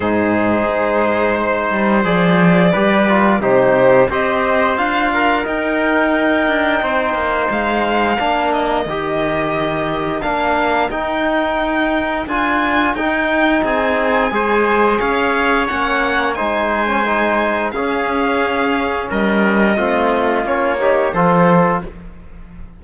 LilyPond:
<<
  \new Staff \with { instrumentName = "violin" } { \time 4/4 \tempo 4 = 88 c''2. d''4~ | d''4 c''4 dis''4 f''4 | g''2. f''4~ | f''8 dis''2~ dis''8 f''4 |
g''2 gis''4 g''4 | gis''2 f''4 fis''4 | gis''2 f''2 | dis''2 cis''4 c''4 | }
  \new Staff \with { instrumentName = "trumpet" } { \time 4/4 gis'2 c''2 | b'4 g'4 c''4. ais'8~ | ais'2 c''2 | ais'1~ |
ais'1 | gis'4 c''4 cis''2 | c''2 gis'2 | ais'4 f'4. g'8 a'4 | }
  \new Staff \with { instrumentName = "trombone" } { \time 4/4 dis'2. gis'4 | g'8 f'8 dis'4 g'4 f'4 | dis'1 | d'4 g'2 d'4 |
dis'2 f'4 dis'4~ | dis'4 gis'2 cis'4 | dis'8. cis'16 dis'4 cis'2~ | cis'4 c'4 cis'8 dis'8 f'4 | }
  \new Staff \with { instrumentName = "cello" } { \time 4/4 gis,4 gis4. g8 f4 | g4 c4 c'4 d'4 | dis'4. d'8 c'8 ais8 gis4 | ais4 dis2 ais4 |
dis'2 d'4 dis'4 | c'4 gis4 cis'4 ais4 | gis2 cis'2 | g4 a4 ais4 f4 | }
>>